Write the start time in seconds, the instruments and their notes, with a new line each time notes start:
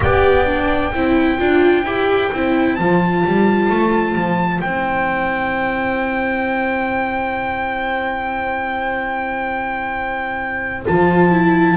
0.00 double bass B3, viola G4, trumpet D5 G5
0.46 viola D4
0.92 double bass C4, viola E4, trumpet C5
1.38 double bass D4, viola F4
1.84 double bass E4, viola G4
2.32 double bass C4, viola E4
2.75 double bass F3, viola F4, trumpet A5
3.26 double bass G3
3.69 double bass A3
4.15 double bass F3
4.61 double bass C4, viola E4, trumpet G5
10.85 double bass F3, viola F4, trumpet A5
11.30 viola E4